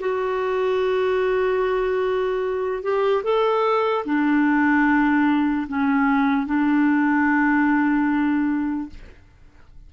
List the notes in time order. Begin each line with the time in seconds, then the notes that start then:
0.00 F#4
2.83 G4
3.24 A4
4.05 D4
5.69 C#4
6.47 D4